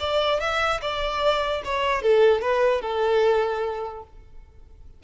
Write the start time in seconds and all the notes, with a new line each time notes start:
0.00 D5
0.40 E5
0.81 D5
1.64 C#5
2.02 A4
2.41 B4
2.81 A4